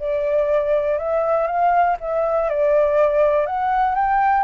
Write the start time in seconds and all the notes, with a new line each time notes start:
0.00 D5
0.98 E5
1.47 F5
2.01 E5
2.50 D5
3.47 F#5
3.95 G5